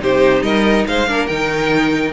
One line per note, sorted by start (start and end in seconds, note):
0.00 0.42 C3
0.00 1.07 D#4
0.00 0.44 G4
0.00 0.43 C5
0.42 0.85 G3
0.42 0.87 A#4
0.42 0.86 D#5
0.87 1.08 G#3
0.87 1.08 C5
0.87 1.27 F5
1.08 1.29 A#3
1.08 1.29 D4
1.08 2.13 A#4
1.27 2.13 D#3
1.27 2.13 D#4
1.27 2.12 G5